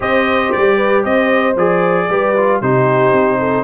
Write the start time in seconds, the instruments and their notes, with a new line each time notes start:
0.00 tuba C4, trombone G4, horn C5, trumpet D#5
0.51 tuba G3, trumpet D5
0.76 horn B4
1.03 tuba C4, horn C5, trumpet D#5
1.56 tuba F3, trombone G#4, trumpet D5
2.09 tuba G3, trombone G4, horn B4
2.36 trombone F4
2.60 tuba C3, trombone D#4, horn G4, trumpet C5
3.12 tuba C4
3.39 horn A4